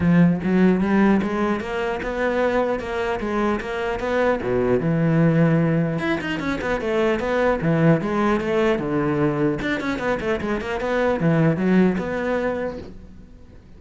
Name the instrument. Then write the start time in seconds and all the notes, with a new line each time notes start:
cello
0.00 F3
0.43 F#3
0.80 G3
1.22 G#3
1.60 A#3
2.02 B3
2.79 A#3
3.20 G#3
3.60 A#3
3.99 B3
4.42 B2
4.80 E3
5.98 E4
6.20 D#4
6.39 C#4
6.61 B3
6.81 A3
7.19 B3
7.61 E3
8.01 G#3
8.40 A3
8.79 D3
9.61 D4
9.80 C#4
9.98 B3
10.20 A3
10.41 G#3
10.61 A#3
10.80 B3
11.20 E3
11.56 F#3
11.97 B3